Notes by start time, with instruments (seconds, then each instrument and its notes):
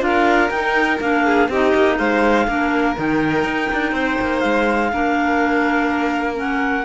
0.00 cello D4, clarinet F4 F5, violin A#4
0.50 cello D#4, clarinet D#4 G5
1.01 cello A#3, clarinet D4 F5
1.25 violin G#4
1.49 cello C4, clarinet D#4 D#5, violin G4
1.75 cello A#3
1.98 cello G#3, violin C5, clarinet F5
2.48 cello A#3, clarinet D4, violin A#4
2.96 cello D#3, clarinet D#4 G5
3.44 cello D#4
3.73 cello D4
3.92 cello C4, violin C5
4.21 cello A#3
4.39 cello G#3, clarinet F5
4.92 cello A#3, clarinet D4, violin A#4
6.35 clarinet C#4 F#5